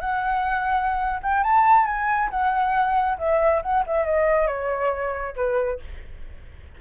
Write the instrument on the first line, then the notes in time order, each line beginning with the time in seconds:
flute
0.00 F#5
1.22 G5
1.43 A5
1.86 G#5
2.30 F#5
3.18 E5
3.62 F#5
3.87 E5
4.05 D#5
4.47 C#5
5.36 B4